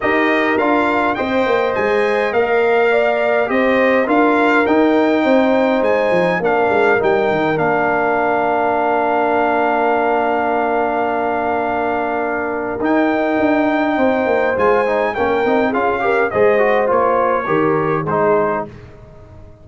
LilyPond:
<<
  \new Staff \with { instrumentName = "trumpet" } { \time 4/4 \tempo 4 = 103 dis''4 f''4 g''4 gis''4 | f''2 dis''4 f''4 | g''2 gis''4 f''4 | g''4 f''2.~ |
f''1~ | f''2 g''2~ | g''4 gis''4 g''4 f''4 | dis''4 cis''2 c''4 | }
  \new Staff \with { instrumentName = "horn" } { \time 4/4 ais'2 dis''2~ | dis''4 d''4 c''4 ais'4~ | ais'4 c''2 ais'4~ | ais'1~ |
ais'1~ | ais'1 | c''2 ais'4 gis'8 ais'8 | c''2 ais'4 gis'4 | }
  \new Staff \with { instrumentName = "trombone" } { \time 4/4 g'4 f'4 c''2 | ais'2 g'4 f'4 | dis'2. d'4 | dis'4 d'2.~ |
d'1~ | d'2 dis'2~ | dis'4 f'8 dis'8 cis'8 dis'8 f'8 g'8 | gis'8 fis'8 f'4 g'4 dis'4 | }
  \new Staff \with { instrumentName = "tuba" } { \time 4/4 dis'4 d'4 c'8 ais8 gis4 | ais2 c'4 d'4 | dis'4 c'4 gis8 f8 ais8 gis8 | g8 dis8 ais2.~ |
ais1~ | ais2 dis'4 d'4 | c'8 ais8 gis4 ais8 c'8 cis'4 | gis4 ais4 dis4 gis4 | }
>>